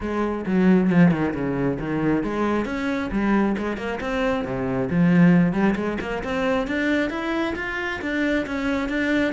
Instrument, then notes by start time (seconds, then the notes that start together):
cello
0.00 G#3
0.45 F#3
0.89 F3
1.11 D#3
1.34 C#3
1.79 D#3
2.23 G#3
2.65 C#4
3.11 G3
3.57 G#3
3.77 A#3
4.00 C4
4.44 C3
4.89 F3
5.52 G3
5.75 G#3
6.01 A#3
6.23 C4
6.67 D4
7.09 E4
7.55 F4
8.01 D4
8.46 C#4
8.88 D4